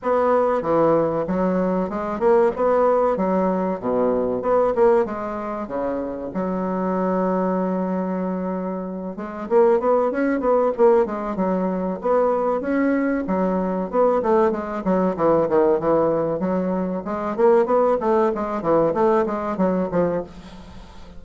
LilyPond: \new Staff \with { instrumentName = "bassoon" } { \time 4/4 \tempo 4 = 95 b4 e4 fis4 gis8 ais8 | b4 fis4 b,4 b8 ais8 | gis4 cis4 fis2~ | fis2~ fis8 gis8 ais8 b8 |
cis'8 b8 ais8 gis8 fis4 b4 | cis'4 fis4 b8 a8 gis8 fis8 | e8 dis8 e4 fis4 gis8 ais8 | b8 a8 gis8 e8 a8 gis8 fis8 f8 | }